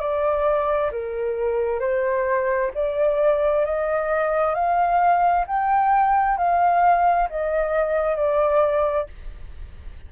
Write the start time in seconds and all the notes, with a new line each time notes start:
0.00 D5
0.92 A#4
1.80 C5
2.74 D5
3.66 D#5
4.55 F5
5.47 G5
6.38 F5
7.30 D#5
8.16 D5